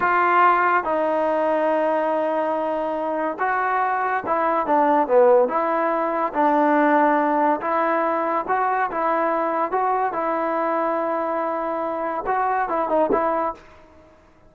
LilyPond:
\new Staff \with { instrumentName = "trombone" } { \time 4/4 \tempo 4 = 142 f'2 dis'2~ | dis'1 | fis'2 e'4 d'4 | b4 e'2 d'4~ |
d'2 e'2 | fis'4 e'2 fis'4 | e'1~ | e'4 fis'4 e'8 dis'8 e'4 | }